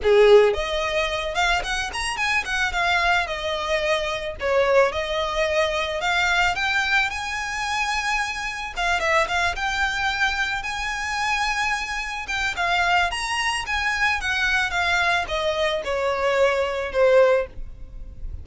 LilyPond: \new Staff \with { instrumentName = "violin" } { \time 4/4 \tempo 4 = 110 gis'4 dis''4. f''8 fis''8 ais''8 | gis''8 fis''8 f''4 dis''2 | cis''4 dis''2 f''4 | g''4 gis''2. |
f''8 e''8 f''8 g''2 gis''8~ | gis''2~ gis''8 g''8 f''4 | ais''4 gis''4 fis''4 f''4 | dis''4 cis''2 c''4 | }